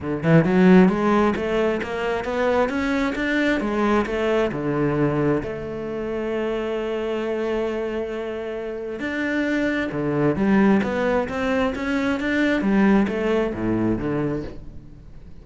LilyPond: \new Staff \with { instrumentName = "cello" } { \time 4/4 \tempo 4 = 133 d8 e8 fis4 gis4 a4 | ais4 b4 cis'4 d'4 | gis4 a4 d2 | a1~ |
a1 | d'2 d4 g4 | b4 c'4 cis'4 d'4 | g4 a4 a,4 d4 | }